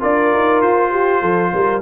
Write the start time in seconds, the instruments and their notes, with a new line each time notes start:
0.00 tuba D4, trombone F4, horn A#4, trumpet D5
0.34 tuba D#4
0.61 tuba F4, trumpet C5
0.91 horn G4
1.21 tuba F3, horn A4
1.53 tuba G3, horn A#4